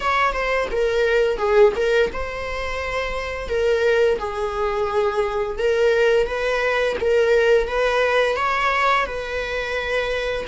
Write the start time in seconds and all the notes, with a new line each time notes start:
0.00 C#5
0.33 C5
0.71 A#4
1.37 G#4
1.76 A#4
2.12 C5
3.49 A#4
4.18 G#4
5.58 A#4
6.26 B4
7.00 A#4
7.67 B4
8.36 C#5
9.05 B4